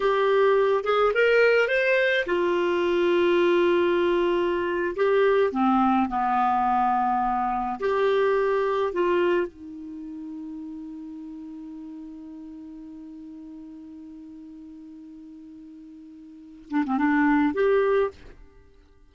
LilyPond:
\new Staff \with { instrumentName = "clarinet" } { \time 4/4 \tempo 4 = 106 g'4. gis'8 ais'4 c''4 | f'1~ | f'8. g'4 c'4 b4~ b16~ | b4.~ b16 g'2 f'16~ |
f'8. dis'2.~ dis'16~ | dis'1~ | dis'1~ | dis'4. d'16 c'16 d'4 g'4 | }